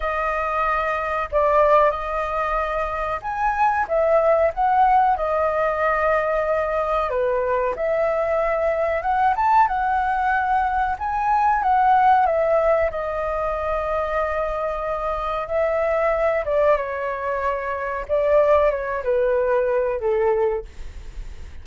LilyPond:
\new Staff \with { instrumentName = "flute" } { \time 4/4 \tempo 4 = 93 dis''2 d''4 dis''4~ | dis''4 gis''4 e''4 fis''4 | dis''2. b'4 | e''2 fis''8 a''8 fis''4~ |
fis''4 gis''4 fis''4 e''4 | dis''1 | e''4. d''8 cis''2 | d''4 cis''8 b'4. a'4 | }